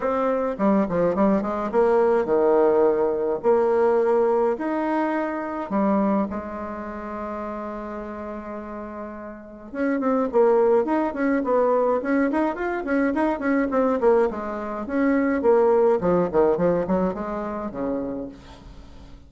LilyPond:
\new Staff \with { instrumentName = "bassoon" } { \time 4/4 \tempo 4 = 105 c'4 g8 f8 g8 gis8 ais4 | dis2 ais2 | dis'2 g4 gis4~ | gis1~ |
gis4 cis'8 c'8 ais4 dis'8 cis'8 | b4 cis'8 dis'8 f'8 cis'8 dis'8 cis'8 | c'8 ais8 gis4 cis'4 ais4 | f8 dis8 f8 fis8 gis4 cis4 | }